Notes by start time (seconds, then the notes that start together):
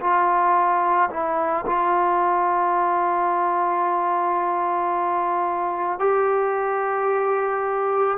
0.00 F4
1.10 E4
1.66 F4
6.00 G4